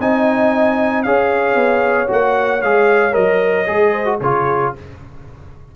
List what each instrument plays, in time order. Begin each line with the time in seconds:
0.00 tuba C4, trombone D#4, horn D#5, trumpet G#5
1.03 tuba C#4, trombone G#4, horn C#5, trumpet F5
1.56 tuba B3
2.07 tuba A#3, trombone F#4, trumpet F#5
2.62 tuba G#3, trombone G#4, trumpet F5
3.13 tuba F#3, trombone A#4, trumpet D#5
3.67 tuba G#3, trombone G#4
3.92 horn C5
4.06 trombone F#4
4.21 tuba C#3, trombone F4, horn G#4, trumpet C#5